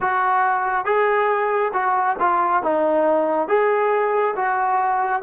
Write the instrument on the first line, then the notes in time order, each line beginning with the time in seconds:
trombone
0.00 F#4
0.85 G#4
1.73 F#4
2.19 F4
2.62 D#4
3.47 G#4
4.36 F#4